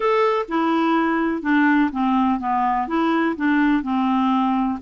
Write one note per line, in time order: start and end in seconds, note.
0.00 0.45 A4
0.48 1.42 E4
1.42 1.90 D4
1.92 2.39 C4
2.39 2.87 B3
2.87 3.35 E4
3.36 3.83 D4
3.83 4.79 C4